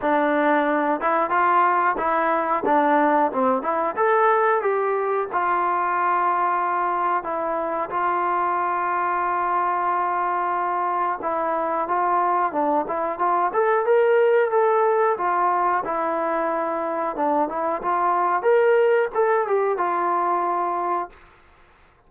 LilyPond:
\new Staff \with { instrumentName = "trombone" } { \time 4/4 \tempo 4 = 91 d'4. e'8 f'4 e'4 | d'4 c'8 e'8 a'4 g'4 | f'2. e'4 | f'1~ |
f'4 e'4 f'4 d'8 e'8 | f'8 a'8 ais'4 a'4 f'4 | e'2 d'8 e'8 f'4 | ais'4 a'8 g'8 f'2 | }